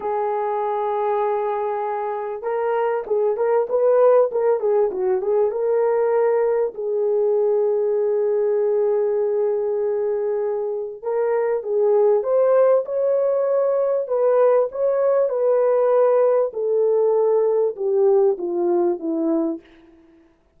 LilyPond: \new Staff \with { instrumentName = "horn" } { \time 4/4 \tempo 4 = 98 gis'1 | ais'4 gis'8 ais'8 b'4 ais'8 gis'8 | fis'8 gis'8 ais'2 gis'4~ | gis'1~ |
gis'2 ais'4 gis'4 | c''4 cis''2 b'4 | cis''4 b'2 a'4~ | a'4 g'4 f'4 e'4 | }